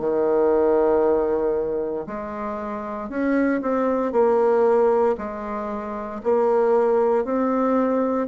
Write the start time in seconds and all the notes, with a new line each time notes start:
0.00 D#3
2.07 G#3
3.10 C#4
3.62 C4
4.13 A#3
5.18 G#3
6.24 A#3
7.25 C4